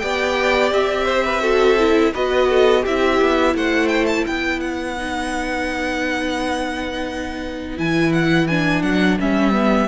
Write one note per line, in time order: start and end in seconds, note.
0.00 0.72 B3
0.00 1.42 G4
0.00 1.06 D5
0.00 0.71 G5
0.72 2.14 C4
0.72 2.14 E5
1.06 1.24 C5
1.25 1.42 B4
1.42 1.77 F#4
1.42 2.12 A4
1.79 2.14 E4
2.13 2.86 B3
2.13 2.86 F#4
2.13 2.49 B4
2.13 2.86 D#5
2.49 2.83 A4
2.83 3.21 C4
2.83 4.98 E4
2.83 3.53 G4
2.83 3.56 E5
3.21 3.55 B3
3.55 4.26 A3
3.55 4.27 C5
3.55 3.88 F#5
3.88 4.06 G5
4.07 4.25 A5
4.27 7.79 B3
4.27 9.89 B4
4.27 4.61 G5
4.61 7.78 F#5
4.98 7.78 D#4
7.78 8.83 E3
7.78 8.48 E4
7.78 8.13 G#5
8.13 8.47 F#5
8.47 9.20 D4
8.47 8.83 G#5
8.83 9.18 F#3
8.83 9.18 F#5
9.20 9.89 G3
9.20 9.52 C#4
9.20 9.89 E5
9.52 9.88 B3